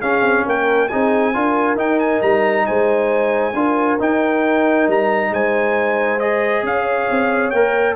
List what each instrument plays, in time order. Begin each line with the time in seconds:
0.00 trombone C#4, tuba C#4, horn G#4, trumpet F5
0.22 tuba C4
0.46 tuba A#3, horn A#4, trumpet G5
0.89 tuba C4, trombone D#4, horn G#4, trumpet G#5
1.34 tuba D4, trombone F4, horn A#4
1.76 tuba D#4, trombone D#4, trumpet G5
2.00 trumpet G#5
2.23 tuba G3, trumpet A#5
2.66 tuba G#3, horn C5, trumpet G#5
3.54 tuba D4, trombone F4, horn A#4
4.00 trombone D#4, tuba D#4, trumpet G5
4.88 tuba G3, trumpet A#5
5.31 tuba G#3, horn C5, trumpet G#5
6.20 trombone G#4, trumpet D#5
6.63 tuba C#4, horn C#5, trumpet F5
7.11 tuba C4
7.51 tuba A#3, trombone A#4, trumpet G5